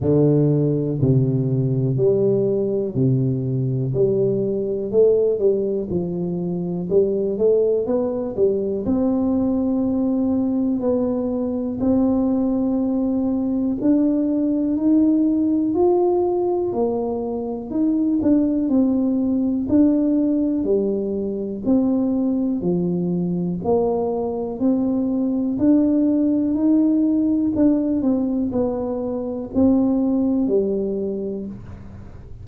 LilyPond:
\new Staff \with { instrumentName = "tuba" } { \time 4/4 \tempo 4 = 61 d4 c4 g4 c4 | g4 a8 g8 f4 g8 a8 | b8 g8 c'2 b4 | c'2 d'4 dis'4 |
f'4 ais4 dis'8 d'8 c'4 | d'4 g4 c'4 f4 | ais4 c'4 d'4 dis'4 | d'8 c'8 b4 c'4 g4 | }